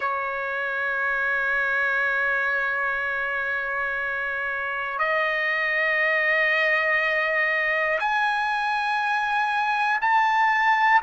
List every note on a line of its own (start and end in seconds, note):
0.00 4.98 C#5
4.98 7.98 D#5
8.00 10.00 G#5
10.01 11.01 A5